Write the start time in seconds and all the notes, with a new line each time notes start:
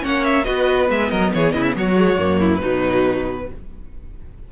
0.00 A#3 C#4 C#5 F#5
0.24 E5
0.44 B3 F#4 B4 D#5
0.86 G#3 B3 E5
1.10 F#3 A#4 D#5
1.34 E3 G#4 C#5
1.52 C#3 E4 D#5
1.62 E5
1.75 F#3 F#4 C#5
1.96 G#3
2.18 F#2 A#3
2.40 E4
2.55 B4
2.61 B2 F#3 D#4